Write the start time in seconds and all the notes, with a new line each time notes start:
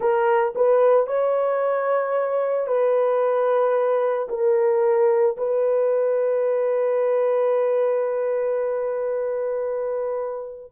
0.00 A#4
0.55 B4
1.06 C#5
2.67 B4
4.29 A#4
5.37 B4